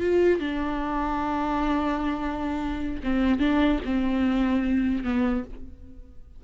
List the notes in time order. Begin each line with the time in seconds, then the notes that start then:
0.00 F4
0.39 D4
3.03 C4
3.39 D4
3.85 C4
5.03 B3